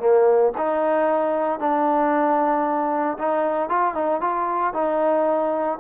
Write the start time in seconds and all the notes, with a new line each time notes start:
0.00 A#3
0.58 D#4
1.60 D4
3.19 D#4
3.69 F4
3.95 D#4
4.21 F4
4.74 D#4